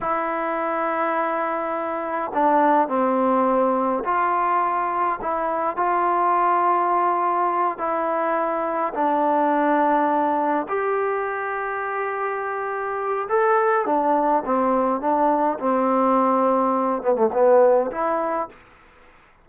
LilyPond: \new Staff \with { instrumentName = "trombone" } { \time 4/4 \tempo 4 = 104 e'1 | d'4 c'2 f'4~ | f'4 e'4 f'2~ | f'4. e'2 d'8~ |
d'2~ d'8 g'4.~ | g'2. a'4 | d'4 c'4 d'4 c'4~ | c'4. b16 a16 b4 e'4 | }